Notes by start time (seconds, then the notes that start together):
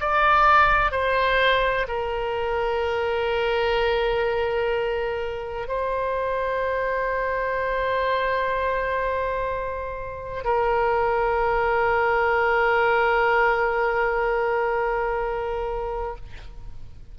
0.00 D5
0.91 C5
1.87 A#4
5.68 C5
10.44 A#4